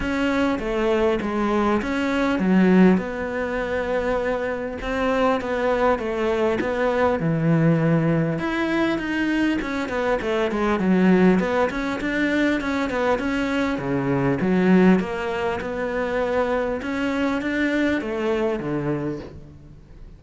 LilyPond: \new Staff \with { instrumentName = "cello" } { \time 4/4 \tempo 4 = 100 cis'4 a4 gis4 cis'4 | fis4 b2. | c'4 b4 a4 b4 | e2 e'4 dis'4 |
cis'8 b8 a8 gis8 fis4 b8 cis'8 | d'4 cis'8 b8 cis'4 cis4 | fis4 ais4 b2 | cis'4 d'4 a4 d4 | }